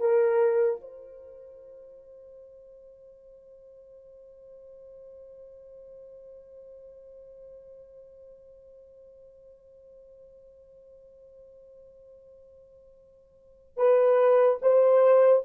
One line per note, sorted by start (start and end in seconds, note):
0.00 0.81 A#4
0.81 13.77 C5
13.77 14.58 B4
14.62 15.43 C5